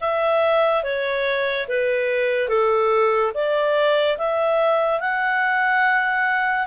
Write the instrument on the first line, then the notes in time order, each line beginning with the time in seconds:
clarinet
0.00 E5
0.83 C#5
1.68 B4
2.48 A4
3.34 D5
4.17 E5
5.00 F#5